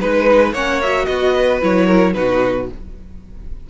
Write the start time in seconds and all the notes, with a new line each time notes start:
0.00 G#3 D#4 B4
0.53 A#3 C#4 C#5 F#5
0.82 F#4 E5
1.06 B3 F#4 D#5
1.35 B4
1.62 F#3 E4 C#5
1.86 A#4
2.13 B2 D#4 F#4 B4